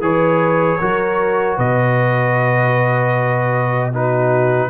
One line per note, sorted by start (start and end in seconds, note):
0.00 0.78 E3
0.00 0.79 G#4
0.00 0.80 B4
0.00 1.58 C#5
0.80 1.58 F#3
0.80 3.92 F#4
0.80 1.57 A#4
1.57 4.69 B2
1.57 3.90 B4
1.57 3.92 D#5
3.91 4.69 D#4
3.91 4.69 F#4
3.91 4.69 B4